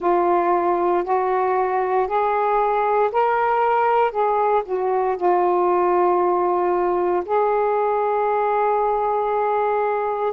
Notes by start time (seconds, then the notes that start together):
0.00 F4
1.03 F#4
2.07 G#4
3.11 A#4
4.11 G#4
4.65 F#4
5.16 F4
7.25 G#4